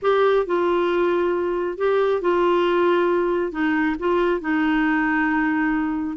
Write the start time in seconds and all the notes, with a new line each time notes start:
0.02 G4
0.46 F4
1.77 G4
2.21 F4
3.52 D#4
3.99 F4
4.40 D#4